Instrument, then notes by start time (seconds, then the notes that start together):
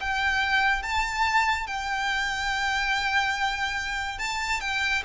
violin
0.00 G5
0.83 A5
1.67 G5
4.18 A5
4.61 G5